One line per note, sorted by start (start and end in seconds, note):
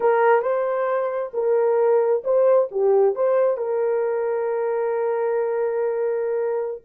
0.00 0.42 A#4
0.42 1.31 C5
1.33 2.23 A#4
2.23 2.68 C5
2.71 3.15 G4
3.15 3.57 C5
3.57 6.81 A#4